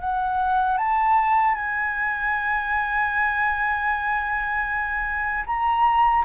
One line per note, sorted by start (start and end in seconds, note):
0.00 0.77 F#5
0.77 1.54 A5
1.54 5.44 G#5
5.46 6.24 A#5